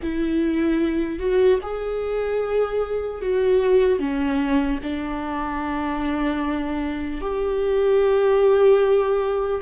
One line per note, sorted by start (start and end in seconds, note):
0.02 1.19 E4
1.19 1.59 F#4
1.62 3.21 G#4
3.21 3.99 F#4
3.99 4.79 C#4
4.82 7.21 D4
7.21 9.61 G4